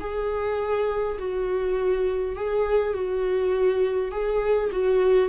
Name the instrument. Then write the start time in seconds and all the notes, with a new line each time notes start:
viola
0.00 G#4
1.18 F#4
2.36 G#4
2.93 F#4
4.11 G#4
4.71 F#4